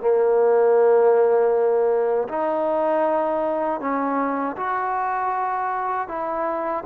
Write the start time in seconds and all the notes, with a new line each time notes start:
0.00 A#3
2.28 D#4
3.80 C#4
4.56 F#4
6.08 E4